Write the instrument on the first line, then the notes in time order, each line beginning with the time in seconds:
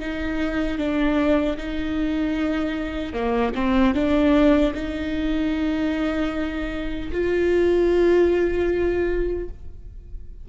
viola
0.00 D#4
0.78 D4
1.58 D#4
3.14 A#3
3.55 C4
3.94 D4
4.74 D#4
7.12 F4